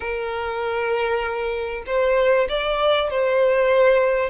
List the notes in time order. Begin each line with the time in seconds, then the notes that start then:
0.00 A#4
1.86 C5
2.49 D5
3.10 C5